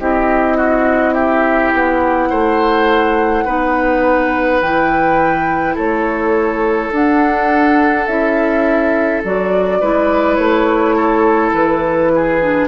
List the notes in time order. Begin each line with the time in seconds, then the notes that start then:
0.00 C4 E4 G4 D#5
0.58 F#4
1.14 G4 E5
1.73 B3 F#5
2.31 A3 C5
3.45 B3 D#4 B4
4.62 E3 E4 G5
5.75 A3 A4 C#5
6.92 D4 F#5
8.07 C#4 E4 E5
9.25 F#3 F#4 D5
9.81 G#3 E4 B4
10.36 A3 C#5
10.96 A4
11.53 E3 B4
12.15 G#4
12.41 D4